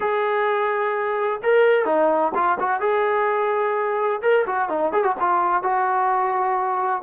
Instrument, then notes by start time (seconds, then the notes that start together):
trombone
0.00 G#4
1.42 A#4
1.85 D#4
2.34 F4
2.59 F#4
2.80 G#4
4.22 A#4
4.46 F#4
4.69 D#4
4.92 G#4
5.03 F#4
5.19 F4
5.62 F#4